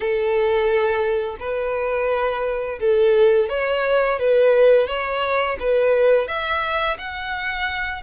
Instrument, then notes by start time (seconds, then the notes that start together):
violin
0.00 A4
1.39 B4
2.79 A4
3.49 C#5
4.19 B4
4.87 C#5
5.59 B4
6.27 E5
6.98 F#5